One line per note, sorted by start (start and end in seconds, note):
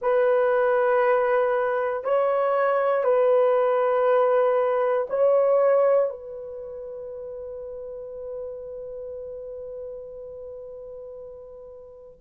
0.01 2.03 B4
2.03 3.04 C#5
3.04 5.07 B4
5.09 6.09 C#5
6.09 12.19 B4